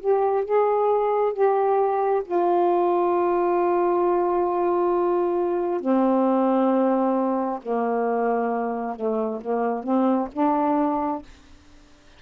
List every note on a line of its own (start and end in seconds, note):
0.00 0.45 G4
0.45 1.34 G#4
1.34 2.23 G4
2.25 5.81 F4
5.81 7.60 C4
7.62 8.96 A#3
8.96 9.41 A3
9.41 9.83 A#3
9.83 10.28 C4
10.33 11.22 D4